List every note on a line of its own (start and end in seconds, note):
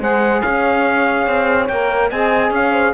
0.00 0.42 G#3
0.00 1.68 G#4
0.00 0.42 C5
0.00 0.42 F#5
0.42 1.27 C#4
0.42 2.10 C#5
0.42 1.68 F5
1.27 1.69 C4
1.68 2.11 A#3
1.68 2.11 A#4
1.68 2.10 G5
2.10 2.50 C4
2.10 2.94 G#4
2.10 2.52 D#5
2.10 2.52 G#5
2.50 2.92 C#4
2.50 2.72 C#5
2.50 2.94 F5
2.72 2.93 C5